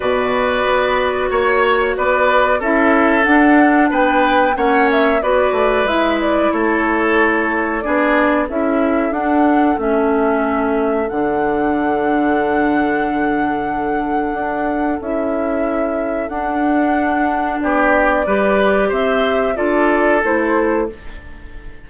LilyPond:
<<
  \new Staff \with { instrumentName = "flute" } { \time 4/4 \tempo 4 = 92 d''2 cis''4 d''4 | e''4 fis''4 g''4 fis''8 e''8 | d''4 e''8 d''8 cis''2 | d''4 e''4 fis''4 e''4~ |
e''4 fis''2.~ | fis''2. e''4~ | e''4 fis''2 d''4~ | d''4 e''4 d''4 c''4 | }
  \new Staff \with { instrumentName = "oboe" } { \time 4/4 b'2 cis''4 b'4 | a'2 b'4 cis''4 | b'2 a'2 | gis'4 a'2.~ |
a'1~ | a'1~ | a'2. g'4 | b'4 c''4 a'2 | }
  \new Staff \with { instrumentName = "clarinet" } { \time 4/4 fis'1 | e'4 d'2 cis'4 | fis'4 e'2. | d'4 e'4 d'4 cis'4~ |
cis'4 d'2.~ | d'2. e'4~ | e'4 d'2. | g'2 f'4 e'4 | }
  \new Staff \with { instrumentName = "bassoon" } { \time 4/4 b,4 b4 ais4 b4 | cis'4 d'4 b4 ais4 | b8 a8 gis4 a2 | b4 cis'4 d'4 a4~ |
a4 d2.~ | d2 d'4 cis'4~ | cis'4 d'2 b4 | g4 c'4 d'4 a4 | }
>>